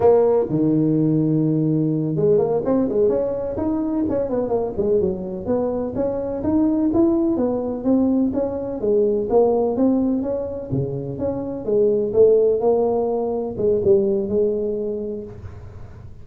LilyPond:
\new Staff \with { instrumentName = "tuba" } { \time 4/4 \tempo 4 = 126 ais4 dis2.~ | dis8 gis8 ais8 c'8 gis8 cis'4 dis'8~ | dis'8 cis'8 b8 ais8 gis8 fis4 b8~ | b8 cis'4 dis'4 e'4 b8~ |
b8 c'4 cis'4 gis4 ais8~ | ais8 c'4 cis'4 cis4 cis'8~ | cis'8 gis4 a4 ais4.~ | ais8 gis8 g4 gis2 | }